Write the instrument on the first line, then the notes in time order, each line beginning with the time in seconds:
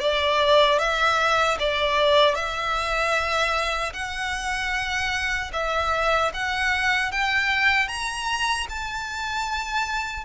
violin
0.00 D5
0.79 E5
1.59 D5
2.35 E5
3.93 F#5
5.53 E5
6.33 F#5
7.12 G5
7.88 A#5
8.69 A5